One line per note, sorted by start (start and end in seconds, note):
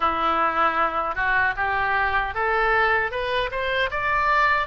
0.00 1.15 E4
1.15 1.54 F#4
1.56 2.34 G4
2.34 3.11 A4
3.11 3.50 B4
3.51 3.90 C5
3.90 4.67 D5